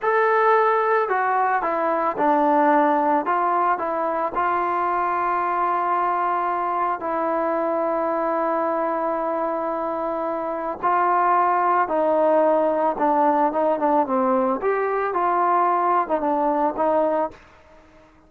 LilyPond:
\new Staff \with { instrumentName = "trombone" } { \time 4/4 \tempo 4 = 111 a'2 fis'4 e'4 | d'2 f'4 e'4 | f'1~ | f'4 e'2.~ |
e'1 | f'2 dis'2 | d'4 dis'8 d'8 c'4 g'4 | f'4.~ f'16 dis'16 d'4 dis'4 | }